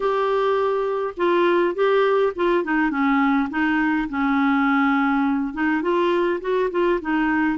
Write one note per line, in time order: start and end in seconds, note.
0.00 1.14 G4
1.16 1.74 F4
1.74 2.32 G4
2.35 2.64 F4
2.64 2.90 D#4
2.90 3.48 C#4
3.50 4.08 D#4
4.09 5.53 C#4
5.53 5.81 D#4
5.81 6.40 F4
6.40 6.69 F#4
6.70 7.00 F4
7.01 7.58 D#4